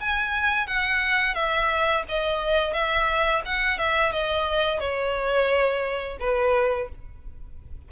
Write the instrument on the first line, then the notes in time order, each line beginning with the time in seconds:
violin
0.00 G#5
0.67 F#5
1.34 E5
2.08 D#5
2.73 E5
3.45 F#5
3.78 E5
4.12 D#5
4.80 C#5
6.19 B4